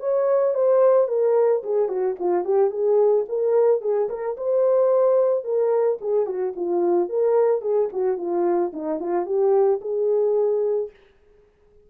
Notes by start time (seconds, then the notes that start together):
0.00 C#5
0.55 C5
1.08 A#4
1.64 G#4
1.88 F#4
2.19 F4
2.45 G4
2.71 G#4
3.29 A#4
3.81 G#4
4.09 A#4
4.37 C5
5.44 A#4
6.01 G#4
6.26 F#4
6.56 F4
7.09 A#4
7.62 G#4
7.93 F#4
8.17 F4
8.73 D#4
9.00 F4
9.26 G4
9.81 G#4